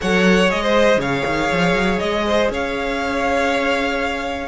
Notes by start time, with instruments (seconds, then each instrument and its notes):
0.01 cello F#3, viola A4, violin C#5 F#5
0.49 cello G#3, viola G#4, violin D#5
0.62 violin C5
0.97 cello C#3, violin C#5 F5
1.26 cello D#3
1.52 cello F3
1.73 cello F#3
1.99 cello G#3, violin D#5
2.26 violin C5
2.50 cello C#4, violin C#5 F5